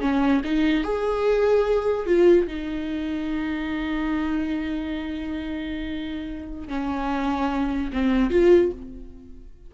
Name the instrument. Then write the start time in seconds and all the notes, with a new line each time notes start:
viola
0.00 C#4
0.44 D#4
0.83 G#4
2.06 F4
2.47 D#4
6.67 C#4
7.92 C4
8.30 F4